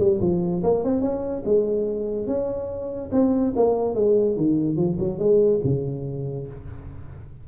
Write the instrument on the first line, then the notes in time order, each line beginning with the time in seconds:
tuba
0.00 G3
0.21 F3
0.63 A#3
0.84 C4
1.02 C#4
1.46 G#3
2.27 C#4
3.12 C4
3.56 A#3
3.95 G#3
4.37 D#3
4.77 F3
5.00 F#3
5.19 G#3
5.64 C#3